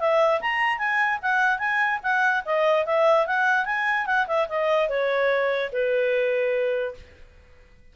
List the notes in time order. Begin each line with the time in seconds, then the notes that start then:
0.00 E5
0.41 A#5
0.78 G#5
1.22 F#5
1.59 G#5
2.03 F#5
2.45 D#5
2.86 E5
3.27 F#5
3.66 G#5
4.06 F#5
4.28 E5
4.49 D#5
4.89 C#5
5.72 B4